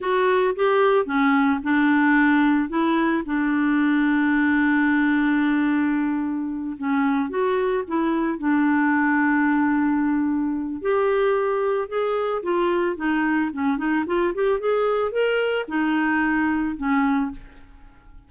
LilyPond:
\new Staff \with { instrumentName = "clarinet" } { \time 4/4 \tempo 4 = 111 fis'4 g'4 cis'4 d'4~ | d'4 e'4 d'2~ | d'1~ | d'8 cis'4 fis'4 e'4 d'8~ |
d'1 | g'2 gis'4 f'4 | dis'4 cis'8 dis'8 f'8 g'8 gis'4 | ais'4 dis'2 cis'4 | }